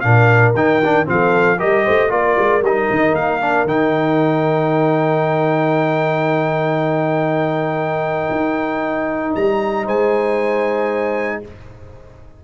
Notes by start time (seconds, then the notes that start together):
0.00 A#2 D4 A#4 F5
0.54 D#3 D#4 G5
0.84 D4
1.05 F3 C4 A4 F5
1.58 G3 G4 A#4 D#5
1.84 A3 C5
2.09 A#3 F4 A#4 D5
2.38 G#3
2.62 G3 D#4 D#5
2.90 D#3
3.13 A#3 F5
3.41 D4
3.64 D#3 D#4 G5
8.31 D#4
9.35 G3 A#5
9.84 G#3 C5 G#5